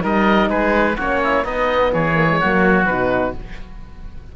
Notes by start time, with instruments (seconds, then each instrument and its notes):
0.00 cello G3, horn D#4, oboe A#4 D#5
0.50 cello G#3, oboe G#4 B4
0.96 cello A#3, horn C#4, oboe F#4 C#5
1.24 oboe E4
1.44 cello B3, horn B3, oboe D#4 D#5
1.94 cello E3, oboe G#4 C#5
2.14 horn A#3
2.29 horn G#3
2.39 cello F#3, horn A#3, oboe F#4
2.86 cello B2, horn D#4, oboe B4